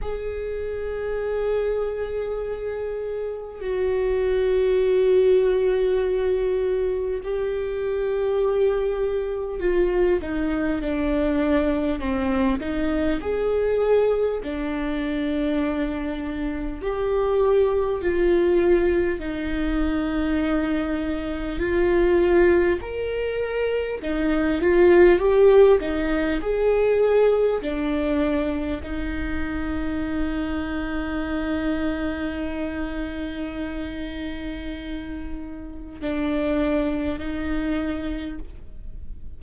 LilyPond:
\new Staff \with { instrumentName = "viola" } { \time 4/4 \tempo 4 = 50 gis'2. fis'4~ | fis'2 g'2 | f'8 dis'8 d'4 c'8 dis'8 gis'4 | d'2 g'4 f'4 |
dis'2 f'4 ais'4 | dis'8 f'8 g'8 dis'8 gis'4 d'4 | dis'1~ | dis'2 d'4 dis'4 | }